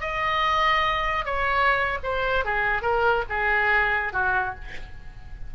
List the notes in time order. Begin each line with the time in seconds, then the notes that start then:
0.00 D#5
1.25 C#5
2.03 C5
2.44 G#4
2.82 A#4
3.29 G#4
4.12 F#4